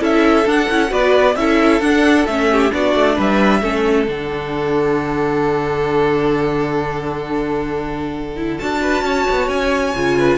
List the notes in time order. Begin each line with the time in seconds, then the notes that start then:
0.00 C#4 E4 A4 E5
0.45 D4 F#5
0.70 C#4 E4
0.89 B3 F#4 B4 D5
1.36 C#4 E4 A4 E5
1.81 D4 F#5
2.26 A3 C#4 E5
2.52 G4
2.71 B3 D4 F#4 D5
2.95 A3
3.16 G3 B4 E5
3.61 A3 C#4 A4
4.08 D3 D4 F#5
8.36 E4
8.59 D4 F#4 A5
8.82 B4
9.03 C#4 C#5
9.30 B3
9.49 C#4 G#5
9.95 C#3 F4
10.18 B4